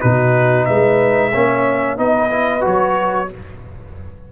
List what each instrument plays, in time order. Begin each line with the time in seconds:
0.00 tuba B2, trombone D#4, horn F#4, trumpet B4
0.65 tuba G#3, horn B4, trumpet E5
1.31 tuba A#3, trombone C#4, horn C#5
1.97 tuba B3, trombone D#4, horn B4, trumpet D#5
2.30 trombone E4
2.60 tuba F#3, trombone F#4, trumpet C#5